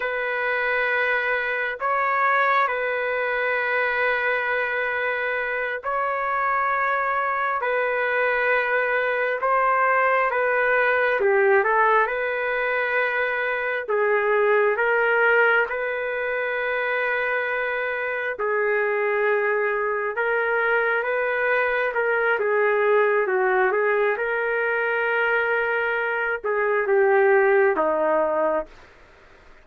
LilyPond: \new Staff \with { instrumentName = "trumpet" } { \time 4/4 \tempo 4 = 67 b'2 cis''4 b'4~ | b'2~ b'8 cis''4.~ | cis''8 b'2 c''4 b'8~ | b'8 g'8 a'8 b'2 gis'8~ |
gis'8 ais'4 b'2~ b'8~ | b'8 gis'2 ais'4 b'8~ | b'8 ais'8 gis'4 fis'8 gis'8 ais'4~ | ais'4. gis'8 g'4 dis'4 | }